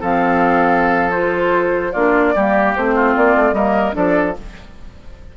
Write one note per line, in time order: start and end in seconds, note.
0.00 1.94 F3
0.00 1.12 C4
0.00 1.92 A4
0.00 1.11 F5
1.11 1.93 F4
1.11 1.92 C5
1.92 2.35 A#3
1.92 2.35 D4
1.92 2.33 F4
1.92 2.73 D5
2.35 2.76 G3
2.35 2.77 A#3
2.35 2.95 G4
2.75 3.16 A3
2.75 3.54 C4
2.75 3.16 C5
2.95 3.55 F4
3.16 3.36 A#3
3.16 3.54 D5
3.36 3.52 A3
3.52 3.93 G3
3.52 3.92 A#3
3.52 3.95 A#4
3.52 3.95 D#5
3.92 4.37 F3
3.92 4.33 D4
3.92 4.36 A4
3.92 4.36 D5